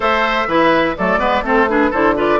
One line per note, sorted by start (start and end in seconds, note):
0.00 0.46 A3
0.00 0.46 A4
0.00 0.47 C5
0.00 0.96 E5
0.47 0.95 E3
0.47 0.96 E4
0.47 0.96 B4
0.96 1.17 F#3
0.96 1.18 A3
0.96 1.19 A4
0.96 1.44 D5
1.17 1.41 G#3
1.17 1.42 B3
1.17 1.43 B4
1.42 1.90 A3
1.42 1.67 C4
1.42 1.69 A4
1.42 1.68 C5
1.68 1.92 D4
1.68 1.90 G#4
1.68 1.92 B4
1.90 2.39 D3
1.90 2.15 E4
1.90 2.14 A4
1.90 2.16 C5
2.15 2.39 F4
2.15 2.39 B4
2.15 2.39 D5